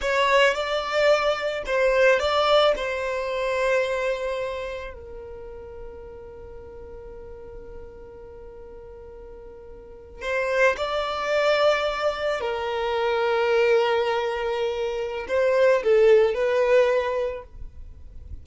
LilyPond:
\new Staff \with { instrumentName = "violin" } { \time 4/4 \tempo 4 = 110 cis''4 d''2 c''4 | d''4 c''2.~ | c''4 ais'2.~ | ais'1~ |
ais'2~ ais'8. c''4 d''16~ | d''2~ d''8. ais'4~ ais'16~ | ais'1 | c''4 a'4 b'2 | }